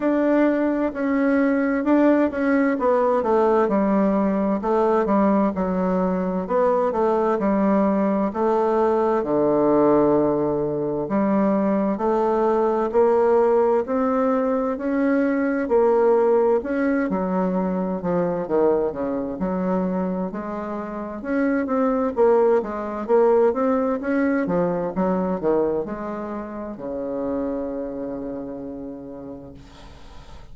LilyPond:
\new Staff \with { instrumentName = "bassoon" } { \time 4/4 \tempo 4 = 65 d'4 cis'4 d'8 cis'8 b8 a8 | g4 a8 g8 fis4 b8 a8 | g4 a4 d2 | g4 a4 ais4 c'4 |
cis'4 ais4 cis'8 fis4 f8 | dis8 cis8 fis4 gis4 cis'8 c'8 | ais8 gis8 ais8 c'8 cis'8 f8 fis8 dis8 | gis4 cis2. | }